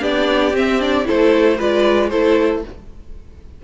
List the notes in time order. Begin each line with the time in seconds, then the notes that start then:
0.00 B3 D4 G4 D5
0.53 C4 E5
0.80 D4 D5
1.04 E4 A4 C5
1.11 A3
1.57 G#3 F4 B4 D5
2.10 A3 E4 A4 C5